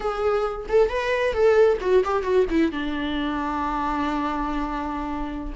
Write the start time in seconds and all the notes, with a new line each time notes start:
0.00 G#4
0.68 A4
0.89 B4
1.33 A4
1.80 F#4
2.04 G4
2.22 F#4
2.49 E4
2.71 D4